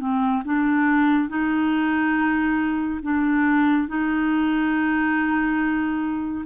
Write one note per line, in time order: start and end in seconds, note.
0.00 0.43 C4
0.45 1.29 D4
1.29 3.00 D#4
3.02 3.88 D4
3.88 6.45 D#4